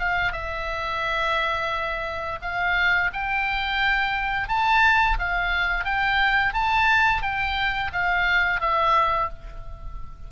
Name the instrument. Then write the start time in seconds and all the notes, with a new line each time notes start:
oboe
0.00 F5
0.32 E5
2.42 F5
3.13 G5
4.49 A5
5.19 F5
5.85 G5
6.54 A5
7.23 G5
7.93 F5
8.61 E5